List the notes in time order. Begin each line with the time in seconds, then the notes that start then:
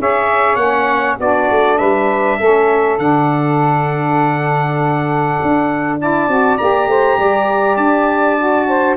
0.00 C#4 G#4 C#5 E5
0.56 A#3 C#4 F#5
1.17 B3 D4 F#4 D5
1.51 A3
1.78 G3 B4 E5
2.39 A3 C#4 A4
2.98 D3 D4 F#5
5.42 D4
6.00 E4 D5 A5
6.28 C4 F#4
6.58 A#3 G4 A#5
6.87 A3 C5
7.18 G3 D5
7.77 D4 A5
8.38 F#4
8.67 C5